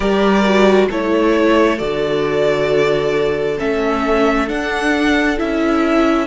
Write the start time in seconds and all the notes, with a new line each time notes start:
0.00 G3 G4 A#4 D5
0.45 F#4
0.90 A3 E4 A4 C#5
1.77 D3 F#4 D5
3.57 A3 C#4 E5
4.47 D4 F#5
5.37 C#4 E4 E5